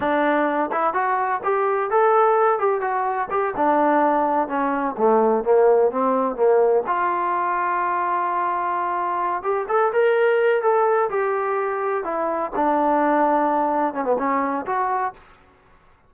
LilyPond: \new Staff \with { instrumentName = "trombone" } { \time 4/4 \tempo 4 = 127 d'4. e'8 fis'4 g'4 | a'4. g'8 fis'4 g'8 d'8~ | d'4. cis'4 a4 ais8~ | ais8 c'4 ais4 f'4.~ |
f'1 | g'8 a'8 ais'4. a'4 g'8~ | g'4. e'4 d'4.~ | d'4. cis'16 b16 cis'4 fis'4 | }